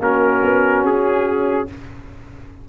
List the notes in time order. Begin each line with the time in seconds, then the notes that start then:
0.00 A#3 C#4 F#4 A#4
0.43 B3
0.84 C#4 G#4